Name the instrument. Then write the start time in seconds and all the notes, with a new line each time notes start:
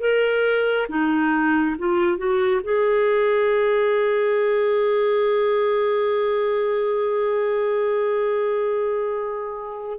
clarinet
0.00 A#4
0.89 D#4
1.78 F4
2.17 F#4
2.63 G#4